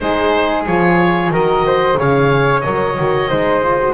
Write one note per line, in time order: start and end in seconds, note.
0.00 0.66 G#3
0.00 0.67 D#4
0.00 1.31 G#4
0.00 0.63 C5
0.66 1.30 F3
0.66 1.32 F4
0.66 1.32 C#5
1.30 1.96 D#3
1.30 1.96 F#4
1.30 1.64 A#4
1.30 1.99 D#5
1.66 1.98 C5
1.96 2.63 C#3
1.96 2.62 G#4
1.96 3.29 C#5
1.96 2.61 F5
2.61 2.98 F#3
2.61 2.96 A#4
2.61 3.92 D#5
2.97 3.31 D#3
2.97 3.29 F#4
3.29 3.93 G#3
3.29 3.62 D#4
3.29 3.93 C5
3.62 3.79 F4
3.79 3.93 F#4